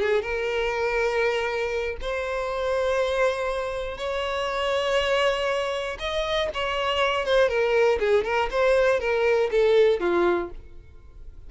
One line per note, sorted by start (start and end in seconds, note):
0.00 0.21 G#4
0.21 1.96 A#4
2.01 3.97 C5
3.97 5.97 C#5
5.99 6.49 D#5
6.53 7.25 C#5
7.25 7.48 C5
7.48 7.98 A#4
7.99 8.24 G#4
8.24 8.49 A#4
8.50 9.00 C5
9.00 9.50 A#4
9.51 10.00 A4
10.00 10.50 F4